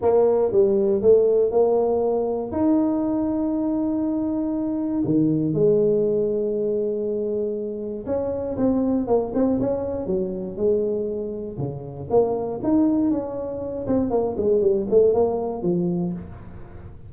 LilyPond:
\new Staff \with { instrumentName = "tuba" } { \time 4/4 \tempo 4 = 119 ais4 g4 a4 ais4~ | ais4 dis'2.~ | dis'2 dis4 gis4~ | gis1 |
cis'4 c'4 ais8 c'8 cis'4 | fis4 gis2 cis4 | ais4 dis'4 cis'4. c'8 | ais8 gis8 g8 a8 ais4 f4 | }